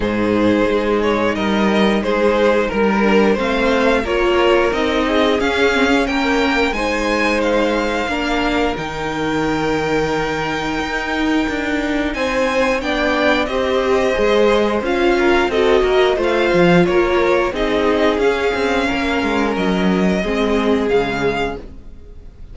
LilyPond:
<<
  \new Staff \with { instrumentName = "violin" } { \time 4/4 \tempo 4 = 89 c''4. cis''8 dis''4 c''4 | ais'4 f''4 cis''4 dis''4 | f''4 g''4 gis''4 f''4~ | f''4 g''2.~ |
g''2 gis''4 g''4 | dis''2 f''4 dis''4 | f''4 cis''4 dis''4 f''4~ | f''4 dis''2 f''4 | }
  \new Staff \with { instrumentName = "violin" } { \time 4/4 gis'2 ais'4 gis'4 | ais'4 c''4 ais'4. gis'8~ | gis'4 ais'4 c''2 | ais'1~ |
ais'2 c''4 d''4 | c''2~ c''8 ais'8 a'8 ais'8 | c''4 ais'4 gis'2 | ais'2 gis'2 | }
  \new Staff \with { instrumentName = "viola" } { \time 4/4 dis'1~ | dis'8 d'8 c'4 f'4 dis'4 | cis'8 c'16 cis'4~ cis'16 dis'2 | d'4 dis'2.~ |
dis'2. d'4 | g'4 gis'4 f'4 fis'4 | f'2 dis'4 cis'4~ | cis'2 c'4 gis4 | }
  \new Staff \with { instrumentName = "cello" } { \time 4/4 gis,4 gis4 g4 gis4 | g4 a4 ais4 c'4 | cis'4 ais4 gis2 | ais4 dis2. |
dis'4 d'4 c'4 b4 | c'4 gis4 cis'4 c'8 ais8 | a8 f8 ais4 c'4 cis'8 c'8 | ais8 gis8 fis4 gis4 cis4 | }
>>